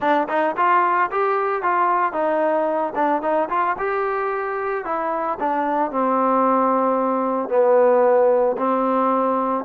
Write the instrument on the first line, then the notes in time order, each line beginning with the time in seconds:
trombone
0.00 D4
0.28 D#4
0.56 F4
1.11 G4
1.62 F4
2.13 D#4
2.95 D4
3.22 D#4
3.49 F4
3.78 G4
4.85 E4
5.39 D4
5.91 C4
7.49 B3
8.57 C4